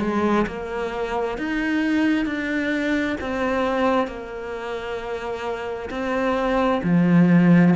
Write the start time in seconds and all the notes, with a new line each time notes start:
0.00 G#3
0.47 A#3
1.38 D#4
2.26 D4
3.20 C4
4.07 A#3
5.90 C4
6.83 F3